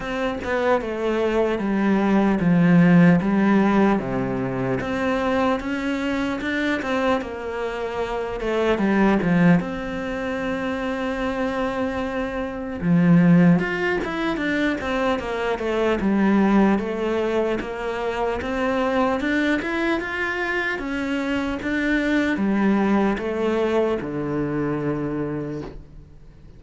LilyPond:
\new Staff \with { instrumentName = "cello" } { \time 4/4 \tempo 4 = 75 c'8 b8 a4 g4 f4 | g4 c4 c'4 cis'4 | d'8 c'8 ais4. a8 g8 f8 | c'1 |
f4 f'8 e'8 d'8 c'8 ais8 a8 | g4 a4 ais4 c'4 | d'8 e'8 f'4 cis'4 d'4 | g4 a4 d2 | }